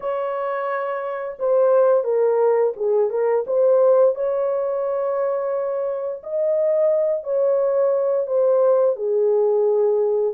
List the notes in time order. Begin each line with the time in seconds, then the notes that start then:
0.00 C#5
1.39 C5
2.04 A#4
2.76 G#4
3.10 A#4
3.46 C5
4.15 C#5
6.23 D#5
7.23 C#5
8.27 C5
8.96 G#4